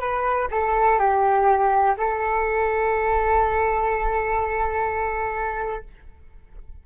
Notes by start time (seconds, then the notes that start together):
0.00 B4
0.51 A4
0.99 G4
1.97 A4